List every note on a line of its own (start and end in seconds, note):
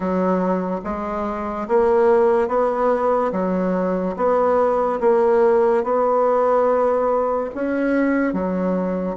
0.00 0.80 F#3
0.84 1.67 G#3
1.67 2.48 A#3
2.48 3.31 B3
3.32 4.15 F#3
4.16 4.99 B3
5.00 5.83 A#3
5.83 7.50 B3
7.54 8.33 C#4
8.33 9.16 F#3